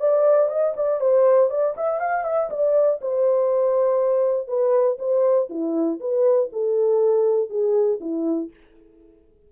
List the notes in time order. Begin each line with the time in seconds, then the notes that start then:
0.00 D5
0.49 D#5
0.76 D5
1.00 C5
1.50 D5
1.77 E5
2.00 F5
2.24 E5
2.50 D5
3.01 C5
4.47 B4
4.99 C5
5.50 E4
6.00 B4
6.52 A4
7.49 G#4
8.00 E4